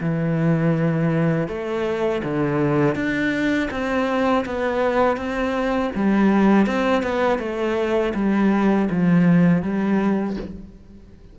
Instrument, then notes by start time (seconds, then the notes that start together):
cello
0.00 E3
1.47 A3
2.23 D3
2.95 D4
3.70 C4
4.45 B3
5.16 C4
5.95 G3
6.66 C4
7.02 B3
7.38 A3
8.14 G3
8.90 F3
9.62 G3